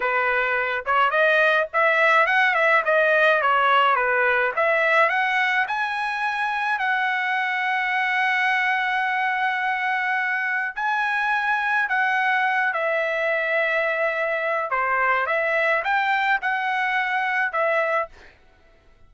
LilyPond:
\new Staff \with { instrumentName = "trumpet" } { \time 4/4 \tempo 4 = 106 b'4. cis''8 dis''4 e''4 | fis''8 e''8 dis''4 cis''4 b'4 | e''4 fis''4 gis''2 | fis''1~ |
fis''2. gis''4~ | gis''4 fis''4. e''4.~ | e''2 c''4 e''4 | g''4 fis''2 e''4 | }